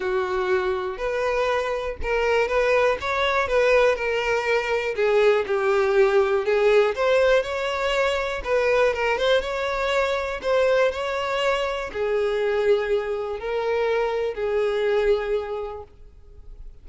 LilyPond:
\new Staff \with { instrumentName = "violin" } { \time 4/4 \tempo 4 = 121 fis'2 b'2 | ais'4 b'4 cis''4 b'4 | ais'2 gis'4 g'4~ | g'4 gis'4 c''4 cis''4~ |
cis''4 b'4 ais'8 c''8 cis''4~ | cis''4 c''4 cis''2 | gis'2. ais'4~ | ais'4 gis'2. | }